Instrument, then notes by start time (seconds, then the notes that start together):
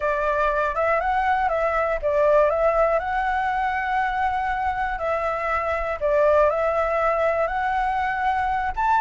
flute
0.00 D5
0.75 E5
1.00 F#5
1.49 E5
2.02 D5
2.50 E5
2.99 F#5
4.98 E5
6.00 D5
6.50 E5
7.47 F#5
8.76 A5